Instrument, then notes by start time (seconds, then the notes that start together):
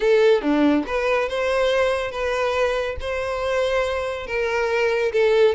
violin
0.00 A4
0.41 D4
0.86 B4
1.28 C5
2.11 B4
3.00 C5
4.27 A#4
5.12 A4